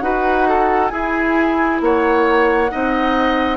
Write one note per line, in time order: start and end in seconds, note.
0.00 0.91 D#4
0.00 0.90 F#4
0.00 0.48 B4
0.00 0.88 F#5
0.48 0.92 A4
0.88 2.69 E4
0.88 1.81 E4
0.88 1.81 G#4
0.88 1.77 G#5
1.81 2.71 A#3
1.81 2.72 C#5
1.81 3.57 F#5
2.70 3.57 C4
2.70 3.57 D#4
2.70 3.57 D#5